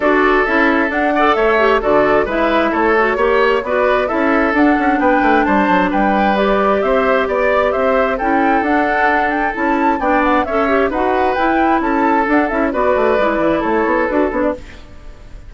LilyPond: <<
  \new Staff \with { instrumentName = "flute" } { \time 4/4 \tempo 4 = 132 d''4 e''4 fis''4 e''4 | d''4 e''4 cis''2 | d''4 e''4 fis''4 g''4 | a''4 g''4 d''4 e''4 |
d''4 e''4 g''4 fis''4~ | fis''8 g''8 a''4 g''8 fis''8 e''4 | fis''4 g''4 a''4 fis''8 e''8 | d''2 cis''4 b'8 cis''16 d''16 | }
  \new Staff \with { instrumentName = "oboe" } { \time 4/4 a'2~ a'8 d''8 cis''4 | a'4 b'4 a'4 cis''4 | b'4 a'2 b'4 | c''4 b'2 c''4 |
d''4 c''4 a'2~ | a'2 d''4 cis''4 | b'2 a'2 | b'2 a'2 | }
  \new Staff \with { instrumentName = "clarinet" } { \time 4/4 fis'4 e'4 d'8 a'4 g'8 | fis'4 e'4. fis'8 g'4 | fis'4 e'4 d'2~ | d'2 g'2~ |
g'2 e'4 d'4~ | d'4 e'4 d'4 a'8 g'8 | fis'4 e'2 d'8 e'8 | fis'4 e'2 fis'8 d'8 | }
  \new Staff \with { instrumentName = "bassoon" } { \time 4/4 d'4 cis'4 d'4 a4 | d4 gis4 a4 ais4 | b4 cis'4 d'8 cis'8 b8 a8 | g8 fis8 g2 c'4 |
b4 c'4 cis'4 d'4~ | d'4 cis'4 b4 cis'4 | dis'4 e'4 cis'4 d'8 cis'8 | b8 a8 gis8 e8 a8 b8 d'8 b8 | }
>>